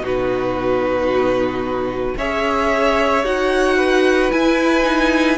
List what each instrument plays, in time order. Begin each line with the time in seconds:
0.00 cello B2, viola D#4, violin F#4
0.06 violin B4
2.17 cello C#4, viola G#4, violin C#5 E5
3.23 cello D#4, viola F#4, violin F#5
3.77 violin B4
4.30 viola E4, cello E4, violin G#5
4.83 viola D#4